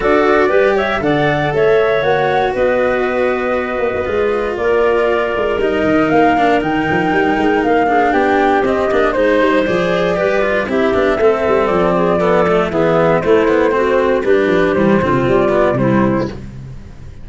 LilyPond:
<<
  \new Staff \with { instrumentName = "flute" } { \time 4/4 \tempo 4 = 118 d''4. e''8 fis''4 e''4 | fis''4 dis''2.~ | dis''4 d''2 dis''4 | f''4 g''2 f''4 |
g''4 dis''4 c''4 d''4~ | d''4 e''2 d''4~ | d''4 e''4 c''2 | b'4 c''4 d''4 c''4 | }
  \new Staff \with { instrumentName = "clarinet" } { \time 4/4 a'4 b'8 cis''8 d''4 cis''4~ | cis''4 b'2.~ | b'4 ais'2.~ | ais'2.~ ais'8 gis'8 |
g'2 c''2 | b'4 g'4 a'4. gis'8 | a'4 gis'4 e'4 fis'4 | g'4. f'4. e'4 | }
  \new Staff \with { instrumentName = "cello" } { \time 4/4 fis'4 g'4 a'2 | fis'1 | f'2. dis'4~ | dis'8 d'8 dis'2~ dis'8 d'8~ |
d'4 c'8 d'8 dis'4 gis'4 | g'8 f'8 e'8 d'8 c'2 | b8 a8 b4 a8 b8 c'4 | d'4 g8 c'4 b8 g4 | }
  \new Staff \with { instrumentName = "tuba" } { \time 4/4 d'4 g4 d4 a4 | ais4 b2~ b8 ais16 b16 | gis4 ais4. gis8 g8 dis8 | ais4 dis8 f8 g8 gis8 ais4 |
b4 c'8 ais8 gis8 g8 f4 | g4 c'8 b8 a8 g8 f4~ | f4 e4 a2 | g8 f8 e8 d16 c16 g4 c4 | }
>>